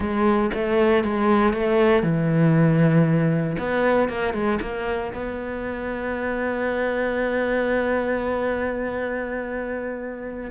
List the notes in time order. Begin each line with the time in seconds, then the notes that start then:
0.00 G#3
0.54 A3
1.03 G#3
1.53 A3
2.02 E3
3.58 B3
4.08 A#3
4.33 G#3
4.61 A#3
5.13 B3